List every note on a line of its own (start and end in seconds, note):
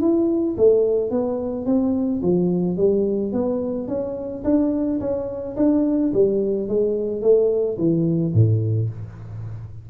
0.00 0.56 E4
0.57 1.10 A3
1.10 1.65 B3
1.65 2.21 C4
2.22 2.77 F3
2.77 3.32 G3
3.32 3.88 B3
3.88 4.43 C#4
4.44 4.99 D4
5.00 5.56 C#4
5.56 6.12 D4
6.13 6.68 G3
6.68 7.22 G#3
7.22 7.77 A3
7.78 8.33 E3
8.34 8.89 A2